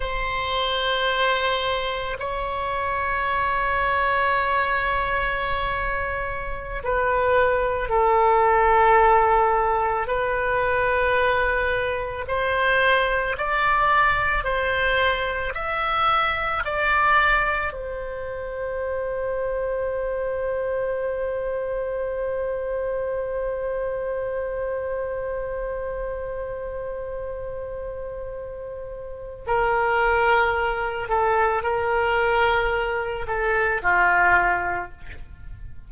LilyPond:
\new Staff \with { instrumentName = "oboe" } { \time 4/4 \tempo 4 = 55 c''2 cis''2~ | cis''2~ cis''16 b'4 a'8.~ | a'4~ a'16 b'2 c''8.~ | c''16 d''4 c''4 e''4 d''8.~ |
d''16 c''2.~ c''8.~ | c''1~ | c''2. ais'4~ | ais'8 a'8 ais'4. a'8 f'4 | }